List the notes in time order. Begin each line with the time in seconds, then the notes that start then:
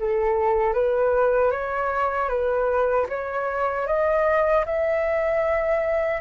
0.00 A4
0.74 B4
1.52 C#5
2.29 B4
3.09 C#5
3.87 D#5
4.66 E5